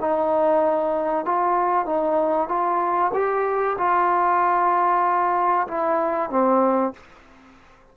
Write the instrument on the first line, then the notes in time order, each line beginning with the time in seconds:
trombone
0.00 D#4
1.25 F4
1.85 D#4
2.48 F4
3.13 G4
3.78 F4
5.67 E4
6.30 C4